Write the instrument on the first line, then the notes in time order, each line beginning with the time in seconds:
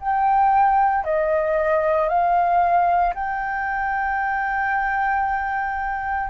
flute
0.00 G5
1.04 D#5
2.09 F5
3.15 G5